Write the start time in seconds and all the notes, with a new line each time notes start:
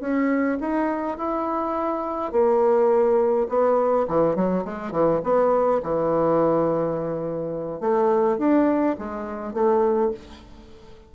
0.00 C#4
0.61 D#4
1.18 E4
2.32 A#3
3.49 B3
4.08 E3
4.36 F#3
4.65 G#3
4.91 E3
5.23 B3
5.83 E3
7.80 A3
8.38 D4
8.98 G#3
9.53 A3